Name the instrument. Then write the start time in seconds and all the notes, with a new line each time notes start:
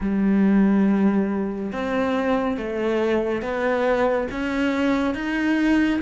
cello
0.00 G3
1.72 C4
2.57 A3
3.41 B3
4.31 C#4
5.14 D#4